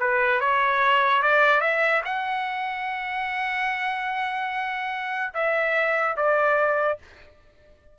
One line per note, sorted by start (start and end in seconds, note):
0.00 0.41 B4
0.41 1.23 C#5
1.23 1.61 D5
1.61 2.02 E5
2.05 5.34 F#5
5.34 6.16 E5
6.16 6.99 D5